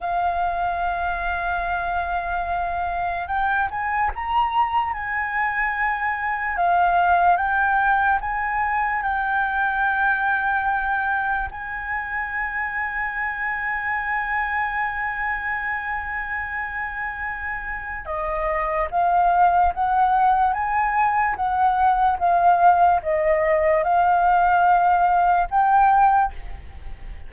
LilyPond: \new Staff \with { instrumentName = "flute" } { \time 4/4 \tempo 4 = 73 f''1 | g''8 gis''8 ais''4 gis''2 | f''4 g''4 gis''4 g''4~ | g''2 gis''2~ |
gis''1~ | gis''2 dis''4 f''4 | fis''4 gis''4 fis''4 f''4 | dis''4 f''2 g''4 | }